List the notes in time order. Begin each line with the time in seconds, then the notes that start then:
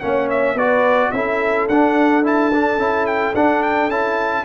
0.00 A#3 C#4 C#5 F#5
0.30 E5
0.54 B3 F#4 B4 D5
1.11 C#4 E4 A4 E5
1.68 D4 F#5
2.24 E4 A5
2.53 D4
2.78 C#4 E4
3.06 G5
3.34 D4 F#5
3.62 G5
3.88 C#4 E4 A5